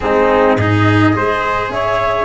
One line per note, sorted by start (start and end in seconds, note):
0.00 0.56 G#3
0.00 0.57 C4
0.00 0.58 D#4
0.00 0.55 G#4
0.56 1.12 G#2
0.56 1.13 D#4
0.56 1.14 G#4
0.56 1.69 D#5
1.13 1.69 G#3
1.13 2.25 G#4
1.13 1.72 C5
1.69 2.25 C#4
1.69 2.25 C#5
1.69 2.25 E5